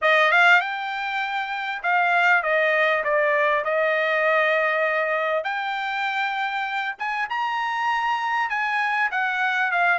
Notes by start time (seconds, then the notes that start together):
0.01 D#5
0.31 F5
0.60 G5
1.83 F5
2.42 D#5
3.04 D5
3.64 D#5
5.44 G5
6.98 G#5
7.29 A#5
8.49 G#5
9.11 F#5
9.71 F5